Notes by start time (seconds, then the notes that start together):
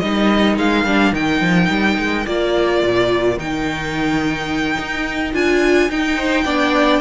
0.00 G3 D#4 A#4 D#5
0.58 G#3 F5
0.85 G3 D4
1.13 D#3 D#4 G5
1.41 F3
1.70 G3
1.99 G#3
2.27 A#3 F4 D5
2.83 A#2
3.38 D#3 D#4 G5
4.79 D#4
5.33 D4 F4 G#5
5.90 D#4 G5
6.16 C5
6.45 B3 D4 D5